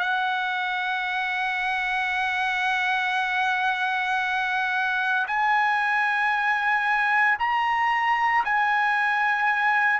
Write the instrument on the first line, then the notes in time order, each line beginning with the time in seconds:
trumpet
0.00 F#5
5.27 G#5
7.39 A#5
8.45 G#5